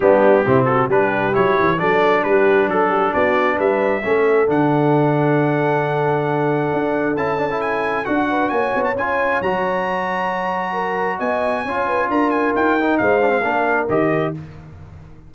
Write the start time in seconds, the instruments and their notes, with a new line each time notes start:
0.00 tuba G3, trombone B3, horn D4, trumpet G4
0.45 tuba C3, trombone C4, horn E4
0.64 horn F#4, trumpet A4
0.88 tuba G3, trombone D4, horn G4, trumpet B4
1.32 tuba F#3, trombone E4, trumpet C#5
1.59 tuba E3
1.78 tuba F#3, trombone D4, horn A4, trumpet D5
2.23 tuba G3, horn G4, trumpet B4
2.68 tuba F#3, trumpet A4, horn A4
2.89 horn G4
3.13 tuba B3, horn F#4, trumpet D5
3.56 tuba G3, horn B4, trumpet E5
4.02 tuba A3, trombone C#4, horn A4
4.47 tuba D3, trombone D4, trumpet F#5
6.73 tuba D4
7.17 tuba C#4, trombone E4, trumpet A5
7.38 trombone D4
7.50 trombone E4
7.61 trumpet G#5
8.05 tuba D4, trombone F#4, trumpet F#5
8.29 horn B4
8.49 tuba A#3, horn C#5, trumpet G#5
8.75 tuba B3
8.84 trumpet A5
8.95 tuba C#4, trombone F4, trumpet G#5
9.41 tuba F#3, trombone F#4, trumpet A#5
10.72 horn A#4
11.18 tuba B3, horn D#5, trumpet G#5
11.63 tuba C#4, trombone F4, horn C#5
11.86 horn B4
12.08 tuba D4, horn A#4, trumpet A#5
12.30 trumpet G#5
12.55 tuba D#4, trumpet G5
12.80 trombone D#4
12.97 tuba G#3, horn C5, trumpet F5
13.21 trombone D4
13.29 trombone C4
13.43 tuba A#3, trombone D4, horn A#4
13.88 tuba D#3, trombone G4, trumpet D#5